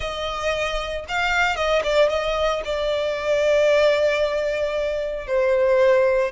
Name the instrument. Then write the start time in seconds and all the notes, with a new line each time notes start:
violin
0.00 D#5
1.08 F5
1.56 D#5
1.83 D5
2.09 D#5
2.64 D5
5.27 C5